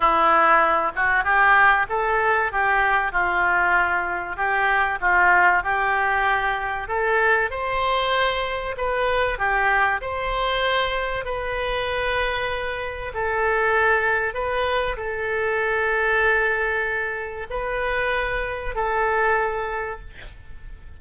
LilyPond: \new Staff \with { instrumentName = "oboe" } { \time 4/4 \tempo 4 = 96 e'4. fis'8 g'4 a'4 | g'4 f'2 g'4 | f'4 g'2 a'4 | c''2 b'4 g'4 |
c''2 b'2~ | b'4 a'2 b'4 | a'1 | b'2 a'2 | }